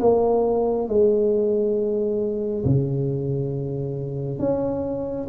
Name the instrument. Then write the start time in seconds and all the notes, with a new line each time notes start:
tuba
0.00 A#3
0.88 G#3
2.64 C#3
4.39 C#4